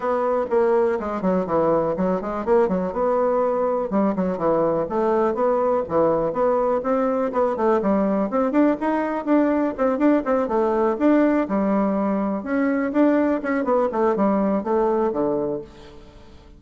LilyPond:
\new Staff \with { instrumentName = "bassoon" } { \time 4/4 \tempo 4 = 123 b4 ais4 gis8 fis8 e4 | fis8 gis8 ais8 fis8 b2 | g8 fis8 e4 a4 b4 | e4 b4 c'4 b8 a8 |
g4 c'8 d'8 dis'4 d'4 | c'8 d'8 c'8 a4 d'4 g8~ | g4. cis'4 d'4 cis'8 | b8 a8 g4 a4 d4 | }